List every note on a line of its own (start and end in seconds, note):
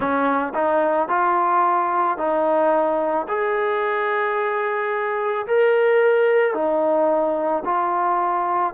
0.00 0.53 C#4
0.54 1.08 D#4
1.08 2.17 F4
2.17 3.26 D#4
3.28 5.46 G#4
5.46 6.54 A#4
6.54 7.63 D#4
7.64 8.73 F4